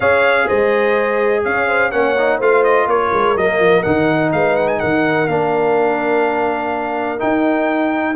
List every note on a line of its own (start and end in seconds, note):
0.00 0.48 C#4
0.00 1.91 G#4
0.00 0.46 C#5
0.00 0.48 F5
0.47 1.45 G#3
0.47 1.43 C5
0.47 1.44 D#5
1.44 1.92 C#4
1.44 1.67 C#5
1.44 1.91 F5
1.67 1.91 C5
1.91 2.40 A#3
1.91 2.15 C#4
1.91 2.38 C#5
1.91 2.39 F#5
2.18 2.41 D#4
2.38 2.86 A3
2.38 3.37 F4
2.38 2.85 C5
2.38 2.64 F5
2.64 2.88 D#5
2.86 3.10 A#3
2.86 4.30 A#4
2.86 3.37 C#5
3.12 3.35 G#3
3.35 3.59 F#3
3.35 3.84 A#3
3.35 3.83 D#5
3.59 3.83 F3
3.83 4.33 D#3
3.83 5.28 D#4
3.83 4.31 F#5
4.32 4.81 G#3
4.32 4.80 B4
4.32 4.55 F5
4.55 4.67 F#5
4.67 4.79 G#5
4.79 5.27 D#3
4.79 8.15 A#4
4.79 5.27 F#5
5.27 7.19 A#3
5.27 7.18 D4
5.27 7.19 F5
7.18 8.14 D#4
7.18 8.15 D#4
7.18 8.15 G5